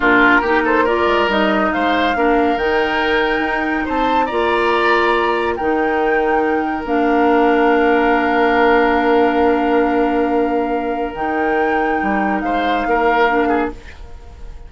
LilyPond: <<
  \new Staff \with { instrumentName = "flute" } { \time 4/4 \tempo 4 = 140 ais'4. c''8 d''4 dis''4 | f''2 g''2~ | g''4 a''4 ais''2~ | ais''4 g''2. |
f''1~ | f''1~ | f''2 g''2~ | g''4 f''2. | }
  \new Staff \with { instrumentName = "oboe" } { \time 4/4 f'4 g'8 a'8 ais'2 | c''4 ais'2.~ | ais'4 c''4 d''2~ | d''4 ais'2.~ |
ais'1~ | ais'1~ | ais'1~ | ais'4 c''4 ais'4. gis'8 | }
  \new Staff \with { instrumentName = "clarinet" } { \time 4/4 d'4 dis'4 f'4 dis'4~ | dis'4 d'4 dis'2~ | dis'2 f'2~ | f'4 dis'2. |
d'1~ | d'1~ | d'2 dis'2~ | dis'2. d'4 | }
  \new Staff \with { instrumentName = "bassoon" } { \time 4/4 ais,4 ais4. gis8 g4 | gis4 ais4 dis2 | dis'4 c'4 ais2~ | ais4 dis2. |
ais1~ | ais1~ | ais2 dis2 | g4 gis4 ais2 | }
>>